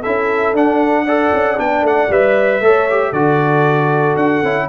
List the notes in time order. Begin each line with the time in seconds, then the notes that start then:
0.00 C#4 E4 A4 E5
0.53 D4 F#5
1.03 A4 D5
1.33 C#4
1.56 B3 D4 G5
1.81 A3 F#5
2.09 G3 B4 E5
2.60 A3 A4 C#5
2.90 G4
3.09 D3 F#4 A4 D5
4.16 D4 F#5
4.43 C#4 E4